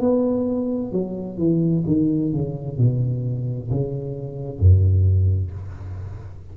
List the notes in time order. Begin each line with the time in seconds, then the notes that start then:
0.00 B3
0.92 F#3
1.38 E3
1.87 D#3
2.33 C#3
2.78 B2
3.70 C#3
4.59 F#2